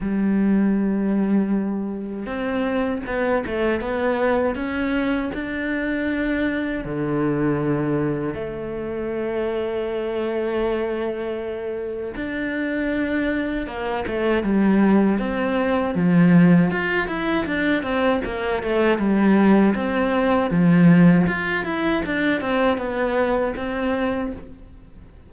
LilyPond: \new Staff \with { instrumentName = "cello" } { \time 4/4 \tempo 4 = 79 g2. c'4 | b8 a8 b4 cis'4 d'4~ | d'4 d2 a4~ | a1 |
d'2 ais8 a8 g4 | c'4 f4 f'8 e'8 d'8 c'8 | ais8 a8 g4 c'4 f4 | f'8 e'8 d'8 c'8 b4 c'4 | }